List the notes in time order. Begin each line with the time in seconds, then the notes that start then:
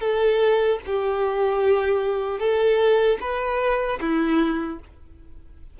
0.00 A4
0.86 G4
2.39 A4
3.20 B4
4.00 E4